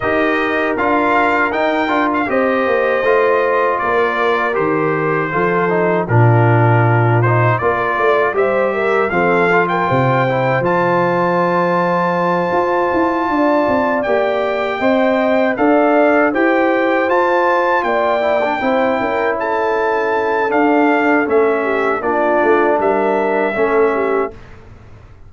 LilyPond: <<
  \new Staff \with { instrumentName = "trumpet" } { \time 4/4 \tempo 4 = 79 dis''4 f''4 g''8. f''16 dis''4~ | dis''4 d''4 c''2 | ais'4. c''8 d''4 e''4 | f''8. g''4~ g''16 a''2~ |
a''2~ a''8 g''4.~ | g''8 f''4 g''4 a''4 g''8~ | g''4. a''4. f''4 | e''4 d''4 e''2 | }
  \new Staff \with { instrumentName = "horn" } { \time 4/4 ais'2. c''4~ | c''4 ais'2 a'4 | f'2 ais'8 d''8 c''8 ais'8 | a'8. ais'16 c''2.~ |
c''4. d''2 dis''8~ | dis''8 d''4 c''2 d''8~ | d''8 c''8 ais'8 a'2~ a'8~ | a'8 g'8 f'4 ais'4 a'8 g'8 | }
  \new Staff \with { instrumentName = "trombone" } { \time 4/4 g'4 f'4 dis'8 f'8 g'4 | f'2 g'4 f'8 dis'8 | d'4. dis'8 f'4 g'4 | c'8 f'4 e'8 f'2~ |
f'2~ f'8 g'4 c''8~ | c''8 a'4 g'4 f'4. | e'16 d'16 e'2~ e'8 d'4 | cis'4 d'2 cis'4 | }
  \new Staff \with { instrumentName = "tuba" } { \time 4/4 dis'4 d'4 dis'8 d'8 c'8 ais8 | a4 ais4 dis4 f4 | ais,2 ais8 a8 g4 | f4 c4 f2~ |
f8 f'8 e'8 d'8 c'8 ais4 c'8~ | c'8 d'4 e'4 f'4 ais8~ | ais8 c'8 cis'2 d'4 | a4 ais8 a8 g4 a4 | }
>>